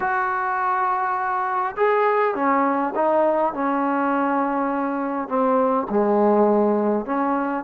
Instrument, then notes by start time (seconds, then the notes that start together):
trombone
0.00 F#4
1.76 G#4
2.34 C#4
2.95 D#4
3.53 C#4
5.28 C4
5.89 G#3
7.05 C#4